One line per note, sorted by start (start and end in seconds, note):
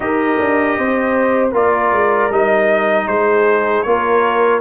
0.00 0.38 D#4
0.00 1.51 G4
0.00 0.78 A#4
0.00 1.50 D#5
0.39 0.77 D4
0.77 1.53 C4
0.77 1.51 C5
1.51 1.92 A#3
1.51 2.30 F4
1.51 3.05 A#4
1.51 2.32 D5
1.92 2.30 G#3
2.30 3.07 G3
2.30 3.86 D#4
2.30 3.07 D#5
3.07 3.84 G#3
3.07 3.85 G#4
3.07 3.82 C5
3.82 4.60 A#3
3.82 4.60 F4
3.82 4.60 A#4
3.82 4.59 C#5